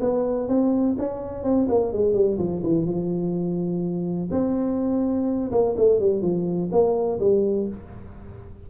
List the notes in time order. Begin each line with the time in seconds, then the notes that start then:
0.00 B3
0.48 C4
0.98 C#4
1.43 C4
1.69 A#3
1.92 G#3
2.14 G3
2.38 F3
2.63 E3
2.85 F3
4.31 C4
5.51 A#3
5.77 A3
6.00 G3
6.22 F3
6.71 A#3
7.19 G3